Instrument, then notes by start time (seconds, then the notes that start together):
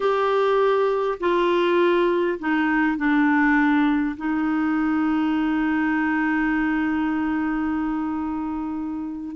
clarinet
0.00 G4
1.19 F4
2.39 D#4
2.97 D4
4.17 D#4